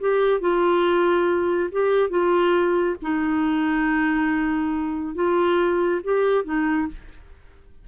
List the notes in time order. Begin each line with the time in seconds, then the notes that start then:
0.00 G4
0.40 F4
1.71 G4
2.10 F4
3.02 D#4
5.15 F4
6.04 G4
6.45 D#4